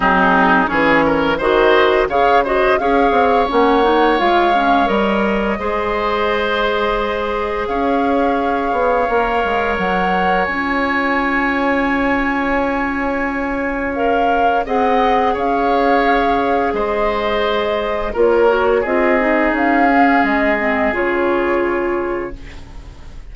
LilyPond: <<
  \new Staff \with { instrumentName = "flute" } { \time 4/4 \tempo 4 = 86 gis'4 cis''4 dis''4 f''8 dis''8 | f''4 fis''4 f''4 dis''4~ | dis''2. f''4~ | f''2 fis''4 gis''4~ |
gis''1 | f''4 fis''4 f''2 | dis''2 cis''4 dis''4 | f''4 dis''4 cis''2 | }
  \new Staff \with { instrumentName = "oboe" } { \time 4/4 dis'4 gis'8 ais'8 c''4 cis''8 c''8 | cis''1 | c''2. cis''4~ | cis''1~ |
cis''1~ | cis''4 dis''4 cis''2 | c''2 ais'4 gis'4~ | gis'1 | }
  \new Staff \with { instrumentName = "clarinet" } { \time 4/4 c'4 cis'4 fis'4 gis'8 fis'8 | gis'4 cis'8 dis'8 f'8 cis'8 ais'4 | gis'1~ | gis'4 ais'2 f'4~ |
f'1 | ais'4 gis'2.~ | gis'2 f'8 fis'8 f'8 dis'8~ | dis'8 cis'4 c'8 f'2 | }
  \new Staff \with { instrumentName = "bassoon" } { \time 4/4 fis4 e4 dis4 cis4 | cis'8 c'8 ais4 gis4 g4 | gis2. cis'4~ | cis'8 b8 ais8 gis8 fis4 cis'4~ |
cis'1~ | cis'4 c'4 cis'2 | gis2 ais4 c'4 | cis'4 gis4 cis2 | }
>>